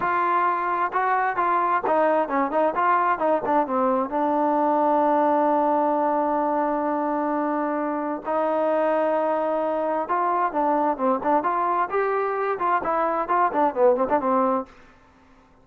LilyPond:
\new Staff \with { instrumentName = "trombone" } { \time 4/4 \tempo 4 = 131 f'2 fis'4 f'4 | dis'4 cis'8 dis'8 f'4 dis'8 d'8 | c'4 d'2.~ | d'1~ |
d'2 dis'2~ | dis'2 f'4 d'4 | c'8 d'8 f'4 g'4. f'8 | e'4 f'8 d'8 b8 c'16 d'16 c'4 | }